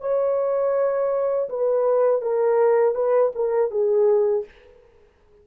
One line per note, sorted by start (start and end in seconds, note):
0.00 1.48 C#5
1.49 2.22 B4
2.22 2.95 A#4
2.95 3.32 B4
3.35 3.70 A#4
3.70 4.44 G#4